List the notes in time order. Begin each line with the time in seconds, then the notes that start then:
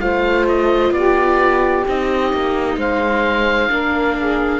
0.00 A3 F4 C5 F5
0.49 D#5
0.91 B3 G4 D5
1.86 C4 D#4 D#5
2.33 A#3
2.77 G#3 C5 F5
3.70 A#3 D4 A#4
4.19 G#4